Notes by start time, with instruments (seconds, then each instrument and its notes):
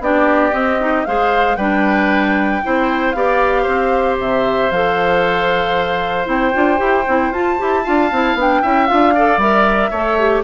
0.00 bassoon B3, clarinet D4, oboe G4, flute D5
0.52 bassoon C4, clarinet C4, flute D#5
0.79 clarinet D#4
1.05 bassoon G#3, clarinet G#4, oboe C5, flute F5
1.56 bassoon G3, clarinet D4, oboe B4, flute G5
2.63 bassoon C4, clarinet E4, oboe C5
3.12 bassoon B3, clarinet G4, oboe D5, flute F5
3.63 bassoon C4, oboe C5
4.19 bassoon C3, flute E5
4.71 bassoon F3, clarinet A4, flute F5
6.25 bassoon C4, clarinet E4, flute G5
6.53 bassoon D4, clarinet F4
6.78 bassoon E4, clarinet G4
7.07 bassoon C4, clarinet E4
7.31 bassoon F4, clarinet F4, flute A5
7.58 bassoon E4, clarinet G4
7.84 bassoon D4, clarinet F4, oboe F5
8.12 bassoon C4, clarinet E4
8.35 bassoon B3, clarinet D4, flute G5
8.62 bassoon C#4, clarinet E4, oboe E5
8.87 bassoon D4, clarinet F4, flute F5
9.15 clarinet A4, oboe D5
9.37 bassoon G3, clarinet A#4, flute E5
9.90 bassoon A3, clarinet A4, oboe C#5
10.19 clarinet G4